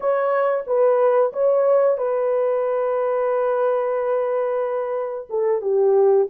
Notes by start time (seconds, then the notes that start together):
0.00 C#5
0.66 B4
1.32 C#5
1.98 B4
5.29 A4
5.61 G4